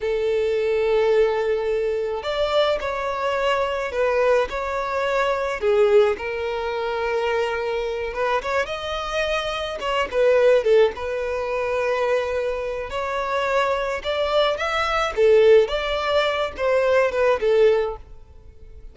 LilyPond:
\new Staff \with { instrumentName = "violin" } { \time 4/4 \tempo 4 = 107 a'1 | d''4 cis''2 b'4 | cis''2 gis'4 ais'4~ | ais'2~ ais'8 b'8 cis''8 dis''8~ |
dis''4. cis''8 b'4 a'8 b'8~ | b'2. cis''4~ | cis''4 d''4 e''4 a'4 | d''4. c''4 b'8 a'4 | }